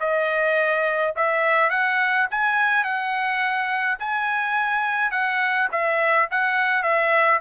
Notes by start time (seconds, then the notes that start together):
0.00 D#5
1.16 E5
1.70 F#5
2.31 G#5
2.84 F#5
3.99 G#5
5.11 F#5
5.71 E5
6.31 F#5
6.83 E5